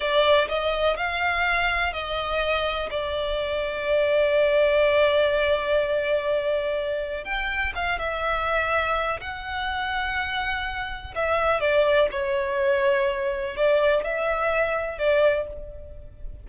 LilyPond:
\new Staff \with { instrumentName = "violin" } { \time 4/4 \tempo 4 = 124 d''4 dis''4 f''2 | dis''2 d''2~ | d''1~ | d''2. g''4 |
f''8 e''2~ e''8 fis''4~ | fis''2. e''4 | d''4 cis''2. | d''4 e''2 d''4 | }